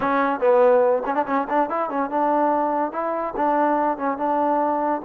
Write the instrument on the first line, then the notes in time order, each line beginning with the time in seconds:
trombone
0.00 C#4
0.39 B3
1.05 C#4
1.14 D4
1.26 C#4
1.49 D4
1.69 E4
1.89 C#4
2.10 D4
2.92 E4
3.36 D4
3.97 C#4
4.17 D4